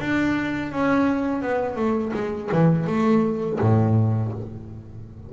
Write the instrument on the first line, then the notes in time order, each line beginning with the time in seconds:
double bass
0.00 D4
0.71 C#4
1.42 B3
1.76 A3
2.13 G#3
2.52 E3
2.87 A3
3.59 A2